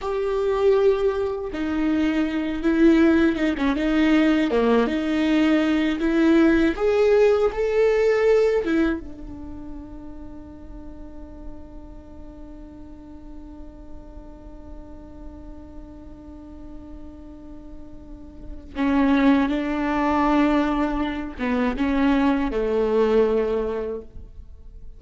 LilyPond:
\new Staff \with { instrumentName = "viola" } { \time 4/4 \tempo 4 = 80 g'2 dis'4. e'8~ | e'8 dis'16 cis'16 dis'4 ais8 dis'4. | e'4 gis'4 a'4. e'8 | d'1~ |
d'1~ | d'1~ | d'4 cis'4 d'2~ | d'8 b8 cis'4 a2 | }